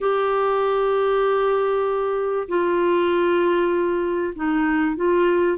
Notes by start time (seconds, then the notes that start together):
0.00 G4
2.48 F4
4.35 D#4
4.96 F4